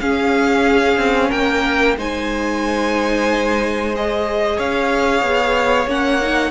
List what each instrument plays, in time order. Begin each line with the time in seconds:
0.00 cello C#4, viola C#4, violin G#4 F5
0.96 cello C4
1.29 cello A#3, violin A#4 G5
1.97 cello G#3, viola D#4, violin C5 G#5
3.96 viola G#4, violin D#5
4.56 cello C#4, violin C#5 F5
5.22 cello B3
5.87 cello A#3, viola C#4, violin F#5
6.22 viola D#4